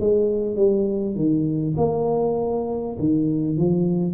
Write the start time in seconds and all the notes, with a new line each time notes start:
0.00 G#3
0.56 G3
1.16 D#3
1.78 A#3
2.99 D#3
3.57 F3